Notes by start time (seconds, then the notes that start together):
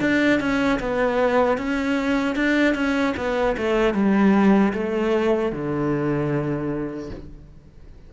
0.00 D4
0.39 C#4
0.79 B3
1.58 C#4
2.35 D4
2.74 C#4
3.17 B3
3.57 A3
3.94 G3
4.73 A3
5.52 D3